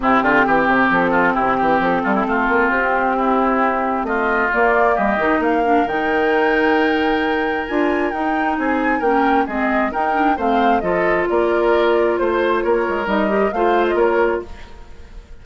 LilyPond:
<<
  \new Staff \with { instrumentName = "flute" } { \time 4/4 \tempo 4 = 133 g'2 a'4 g'4 | a'2 g'2~ | g'4 dis''4 d''4 dis''4 | f''4 g''2.~ |
g''4 gis''4 g''4 gis''4 | g''4 dis''4 g''4 f''4 | dis''4 d''2 c''4 | cis''4 dis''4 f''8. dis''16 cis''4 | }
  \new Staff \with { instrumentName = "oboe" } { \time 4/4 e'8 f'8 g'4. f'8 e'8 g'8~ | g'8 f'16 e'16 f'2 e'4~ | e'4 f'2 g'4 | ais'1~ |
ais'2. gis'4 | ais'4 gis'4 ais'4 c''4 | a'4 ais'2 c''4 | ais'2 c''4 ais'4 | }
  \new Staff \with { instrumentName = "clarinet" } { \time 4/4 c'1~ | c'1~ | c'2 ais4. dis'8~ | dis'8 d'8 dis'2.~ |
dis'4 f'4 dis'2 | cis'4 c'4 dis'8 d'8 c'4 | f'1~ | f'4 dis'8 g'8 f'2 | }
  \new Staff \with { instrumentName = "bassoon" } { \time 4/4 c8 d8 e8 c8 f4 c8 e8 | f8 g8 a8 ais8 c'2~ | c'4 a4 ais4 g8 dis8 | ais4 dis2.~ |
dis4 d'4 dis'4 c'4 | ais4 gis4 dis'4 a4 | f4 ais2 a4 | ais8 gis8 g4 a4 ais4 | }
>>